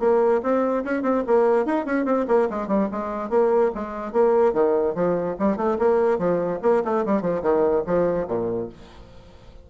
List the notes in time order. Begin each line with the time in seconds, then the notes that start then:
0.00 A#3
0.43 C4
0.85 C#4
1.03 C4
1.27 A#3
1.66 D#4
1.86 C#4
2.05 C4
2.28 A#3
2.50 G#3
2.68 G3
2.92 G#3
3.30 A#3
3.75 G#3
4.13 A#3
4.54 D#3
4.95 F3
5.39 G3
5.57 A3
5.79 A#3
6.19 F3
6.62 A#3
6.85 A3
7.06 G3
7.22 F3
7.43 D#3
7.87 F3
8.28 A#2